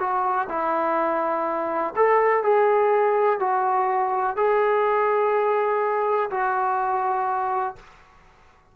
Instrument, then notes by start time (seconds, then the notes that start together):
trombone
0.00 F#4
0.49 E4
1.96 A4
2.43 G#4
3.40 F#4
4.37 G#4
6.31 F#4